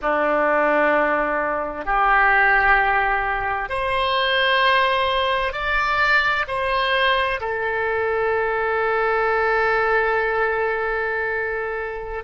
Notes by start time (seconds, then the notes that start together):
0.01 D4
1.85 G4
3.69 C5
5.53 D5
6.47 C5
7.40 A4